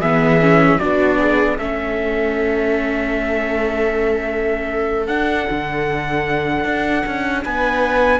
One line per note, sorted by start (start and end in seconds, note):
0.00 0.78 E3
0.00 0.41 B3
0.00 0.78 G#4
0.00 0.79 E5
0.41 0.80 C#4
0.79 1.59 B3
0.79 1.58 D4
0.79 1.19 F#4
0.79 1.57 D5
1.19 1.57 G#4
1.57 5.08 A3
1.57 5.10 C#4
1.57 7.42 A4
1.57 5.07 E5
5.07 5.47 D4
5.07 8.20 D4
5.07 7.41 F#5
5.50 6.64 D3
6.64 7.03 D4
7.06 7.45 C#4
7.44 8.20 B3
7.44 8.20 B4
7.44 8.20 G#5